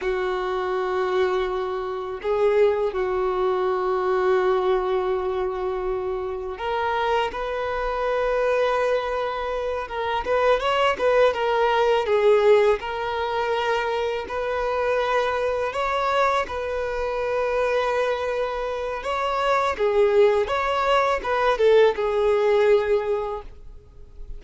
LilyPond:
\new Staff \with { instrumentName = "violin" } { \time 4/4 \tempo 4 = 82 fis'2. gis'4 | fis'1~ | fis'4 ais'4 b'2~ | b'4. ais'8 b'8 cis''8 b'8 ais'8~ |
ais'8 gis'4 ais'2 b'8~ | b'4. cis''4 b'4.~ | b'2 cis''4 gis'4 | cis''4 b'8 a'8 gis'2 | }